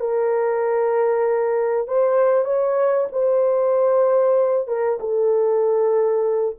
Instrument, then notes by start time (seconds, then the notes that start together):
horn
0.00 A#4
1.88 C5
2.45 C#5
3.12 C5
4.67 A#4
5.00 A4